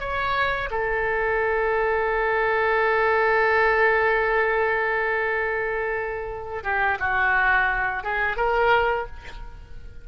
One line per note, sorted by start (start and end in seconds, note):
0.00 0.70 C#5
0.71 6.64 A4
6.64 6.99 G4
7.00 8.04 F#4
8.04 8.37 G#4
8.37 9.07 A#4